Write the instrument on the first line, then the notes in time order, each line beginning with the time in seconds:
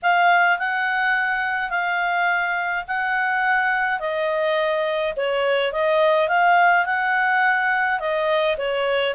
clarinet
0.02 F5
0.59 F#5
1.70 F5
2.87 F#5
3.99 D#5
5.16 C#5
5.72 D#5
6.28 F5
6.85 F#5
7.99 D#5
8.57 C#5